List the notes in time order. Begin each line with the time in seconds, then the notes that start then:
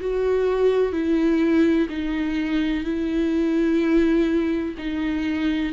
0.00 F#4
0.92 E4
1.89 D#4
2.84 E4
4.78 D#4